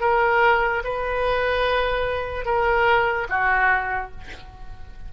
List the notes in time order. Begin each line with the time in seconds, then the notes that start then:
0.00 A#4
0.84 B4
2.45 A#4
3.29 F#4